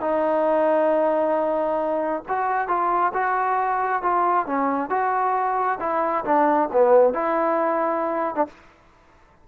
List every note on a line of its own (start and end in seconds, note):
0.00 2.22 D#4
2.28 2.68 F#4
2.68 3.12 F4
3.13 4.02 F#4
4.02 4.46 F4
4.46 4.89 C#4
4.89 5.78 F#4
5.80 6.24 E4
6.25 6.69 D4
6.72 7.13 B3
7.13 8.35 E4
8.35 8.46 D4